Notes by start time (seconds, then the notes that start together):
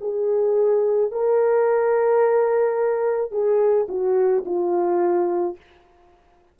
0.00 G#4
1.11 A#4
3.31 G#4
3.88 F#4
4.45 F4